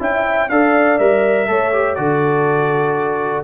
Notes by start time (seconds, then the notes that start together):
0.00 C#4 E4 E5 G5
0.49 D4 A4 D5 F5
0.99 G3 A#4 E5
1.48 A3 A4 C#5
1.73 G4
1.95 D3 F#4 A4 D5